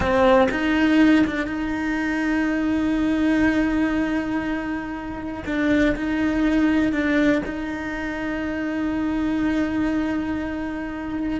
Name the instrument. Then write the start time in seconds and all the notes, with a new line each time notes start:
cello
0.00 C4
0.51 D#4
1.26 D4
1.46 D#4
5.45 D4
5.96 D#4
6.92 D4
7.45 D#4